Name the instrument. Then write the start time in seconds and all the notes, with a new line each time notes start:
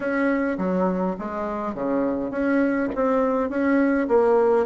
bassoon
0.00 C#4
0.58 F#3
1.18 G#3
1.74 C#3
2.30 C#4
2.95 C4
3.49 C#4
4.08 A#3